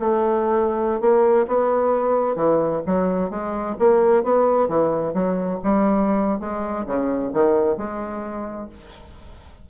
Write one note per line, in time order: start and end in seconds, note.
0.00 1.00 A3
1.00 1.46 A#3
1.47 2.36 B3
2.36 2.82 E3
2.86 3.30 F#3
3.30 3.76 G#3
3.79 4.23 A#3
4.23 4.68 B3
4.68 5.14 E3
5.14 5.59 F#3
5.63 6.40 G3
6.40 6.86 G#3
6.86 7.32 C#3
7.33 7.77 D#3
7.77 8.69 G#3